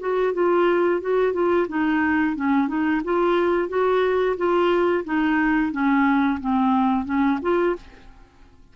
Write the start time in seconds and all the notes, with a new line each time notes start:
0.00 F#4
0.34 F4
1.01 F#4
1.33 F4
1.69 D#4
2.36 C#4
2.68 D#4
3.05 F4
3.69 F#4
4.37 F4
5.05 D#4
5.72 C#4
6.40 C4
7.05 C#4
7.42 F4